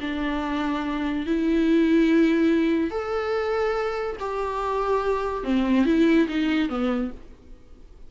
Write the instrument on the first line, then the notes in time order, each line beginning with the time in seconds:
viola
0.00 D4
1.26 E4
2.90 A4
4.20 G4
5.44 C4
5.85 E4
6.28 D#4
6.69 B3